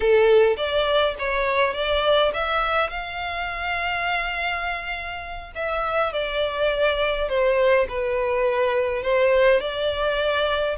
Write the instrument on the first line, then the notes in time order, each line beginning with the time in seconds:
violin
0.00 A4
0.56 D5
1.18 C#5
1.73 D5
2.33 E5
2.90 F5
5.55 E5
6.12 D5
7.28 C5
7.88 B4
9.02 C5
9.60 D5